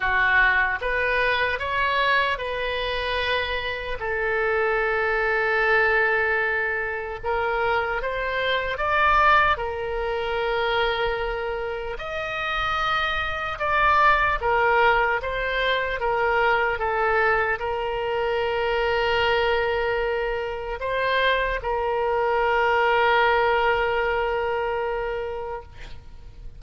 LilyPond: \new Staff \with { instrumentName = "oboe" } { \time 4/4 \tempo 4 = 75 fis'4 b'4 cis''4 b'4~ | b'4 a'2.~ | a'4 ais'4 c''4 d''4 | ais'2. dis''4~ |
dis''4 d''4 ais'4 c''4 | ais'4 a'4 ais'2~ | ais'2 c''4 ais'4~ | ais'1 | }